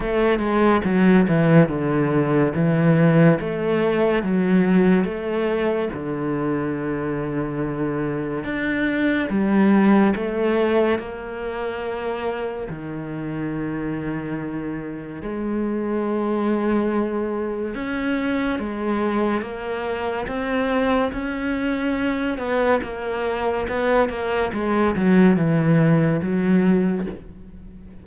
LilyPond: \new Staff \with { instrumentName = "cello" } { \time 4/4 \tempo 4 = 71 a8 gis8 fis8 e8 d4 e4 | a4 fis4 a4 d4~ | d2 d'4 g4 | a4 ais2 dis4~ |
dis2 gis2~ | gis4 cis'4 gis4 ais4 | c'4 cis'4. b8 ais4 | b8 ais8 gis8 fis8 e4 fis4 | }